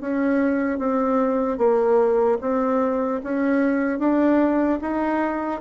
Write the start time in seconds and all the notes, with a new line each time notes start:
0.00 C#4
0.79 C4
1.57 A#3
2.41 C4
3.23 C#4
3.99 D4
4.81 D#4